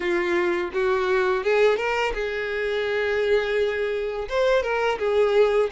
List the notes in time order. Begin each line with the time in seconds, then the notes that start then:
0.00 F4
0.73 F#4
1.43 G#4
1.77 A#4
2.14 G#4
4.29 C5
4.62 A#4
4.98 G#4